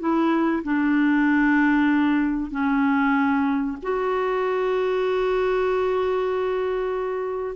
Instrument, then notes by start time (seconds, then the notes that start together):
clarinet
0.00 E4
0.64 D4
2.51 C#4
3.83 F#4